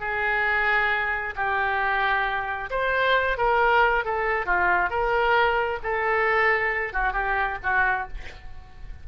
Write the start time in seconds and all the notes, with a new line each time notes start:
0.00 G#4
1.36 G4
2.70 C5
3.37 A#4
4.05 A4
4.46 F4
4.90 A#4
5.83 A4
6.93 F#4
7.13 G4
7.63 F#4